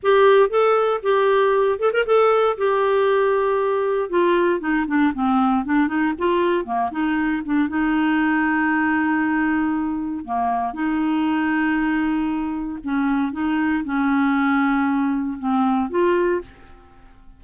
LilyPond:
\new Staff \with { instrumentName = "clarinet" } { \time 4/4 \tempo 4 = 117 g'4 a'4 g'4. a'16 ais'16 | a'4 g'2. | f'4 dis'8 d'8 c'4 d'8 dis'8 | f'4 ais8 dis'4 d'8 dis'4~ |
dis'1 | ais4 dis'2.~ | dis'4 cis'4 dis'4 cis'4~ | cis'2 c'4 f'4 | }